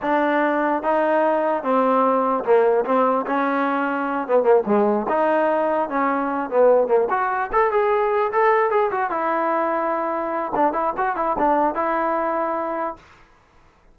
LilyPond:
\new Staff \with { instrumentName = "trombone" } { \time 4/4 \tempo 4 = 148 d'2 dis'2 | c'2 ais4 c'4 | cis'2~ cis'8 b8 ais8 gis8~ | gis8 dis'2 cis'4. |
b4 ais8 fis'4 a'8 gis'4~ | gis'8 a'4 gis'8 fis'8 e'4.~ | e'2 d'8 e'8 fis'8 e'8 | d'4 e'2. | }